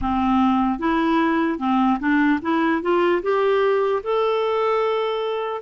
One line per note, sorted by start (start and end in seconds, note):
0.01 0.79 C4
0.79 1.59 E4
1.59 1.99 C4
1.99 2.39 D4
2.41 2.81 E4
2.81 3.21 F4
3.22 4.02 G4
4.03 5.61 A4